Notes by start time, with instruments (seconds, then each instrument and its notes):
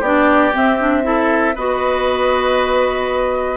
0.00 bassoon B3, clarinet D4, oboe G4, flute D5
0.52 clarinet C4, bassoon C4, flute E5
0.79 clarinet D4
1.03 clarinet E4, oboe A4
1.55 bassoon B3, clarinet F#4, oboe B4, flute D#5